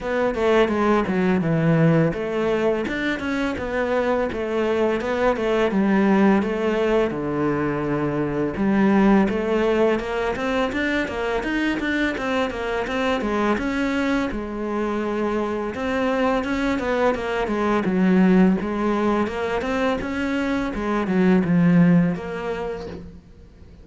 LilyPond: \new Staff \with { instrumentName = "cello" } { \time 4/4 \tempo 4 = 84 b8 a8 gis8 fis8 e4 a4 | d'8 cis'8 b4 a4 b8 a8 | g4 a4 d2 | g4 a4 ais8 c'8 d'8 ais8 |
dis'8 d'8 c'8 ais8 c'8 gis8 cis'4 | gis2 c'4 cis'8 b8 | ais8 gis8 fis4 gis4 ais8 c'8 | cis'4 gis8 fis8 f4 ais4 | }